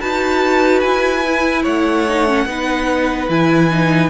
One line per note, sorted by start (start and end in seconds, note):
0.00 0.83 D#4
0.00 1.23 F#4
0.00 1.62 B4
0.00 0.80 A5
0.80 1.65 E4
0.80 1.62 G#5
1.26 2.08 E4
1.62 2.46 A3
1.62 2.45 C#5
1.62 3.29 F#5
2.08 2.27 D#4
2.27 2.47 C#4
2.46 3.28 B3
2.46 3.29 D#4
2.46 4.09 B4
3.28 4.09 E3
3.28 3.70 E4
3.28 4.09 G#5
3.70 4.09 D#4